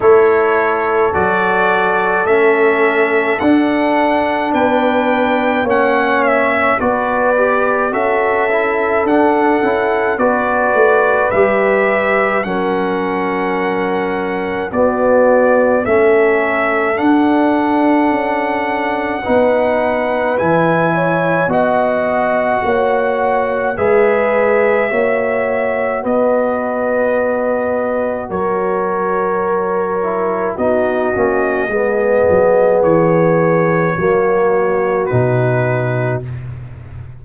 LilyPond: <<
  \new Staff \with { instrumentName = "trumpet" } { \time 4/4 \tempo 4 = 53 cis''4 d''4 e''4 fis''4 | g''4 fis''8 e''8 d''4 e''4 | fis''4 d''4 e''4 fis''4~ | fis''4 d''4 e''4 fis''4~ |
fis''2 gis''4 fis''4~ | fis''4 e''2 dis''4~ | dis''4 cis''2 dis''4~ | dis''4 cis''2 b'4 | }
  \new Staff \with { instrumentName = "horn" } { \time 4/4 a'1 | b'4 cis''4 b'4 a'4~ | a'4 b'2 ais'4~ | ais'4 fis'4 a'2~ |
a'4 b'4. cis''8 dis''4 | cis''4 b'4 cis''4 b'4~ | b'4 ais'2 fis'4 | gis'2 fis'2 | }
  \new Staff \with { instrumentName = "trombone" } { \time 4/4 e'4 fis'4 cis'4 d'4~ | d'4 cis'4 fis'8 g'8 fis'8 e'8 | d'8 e'8 fis'4 g'4 cis'4~ | cis'4 b4 cis'4 d'4~ |
d'4 dis'4 e'4 fis'4~ | fis'4 gis'4 fis'2~ | fis'2~ fis'8 e'8 dis'8 cis'8 | b2 ais4 dis'4 | }
  \new Staff \with { instrumentName = "tuba" } { \time 4/4 a4 fis4 a4 d'4 | b4 ais4 b4 cis'4 | d'8 cis'8 b8 a8 g4 fis4~ | fis4 b4 a4 d'4 |
cis'4 b4 e4 b4 | ais4 gis4 ais4 b4~ | b4 fis2 b8 ais8 | gis8 fis8 e4 fis4 b,4 | }
>>